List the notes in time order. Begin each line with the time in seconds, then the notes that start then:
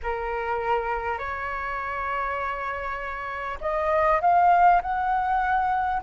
0.02 A#4
1.18 C#5
3.60 D#5
4.21 F5
4.82 F#5